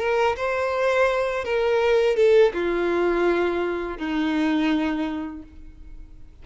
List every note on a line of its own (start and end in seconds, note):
0.00 0.36 A#4
0.37 1.45 C5
1.45 2.17 A#4
2.17 2.53 A4
2.54 3.99 F4
3.99 5.43 D#4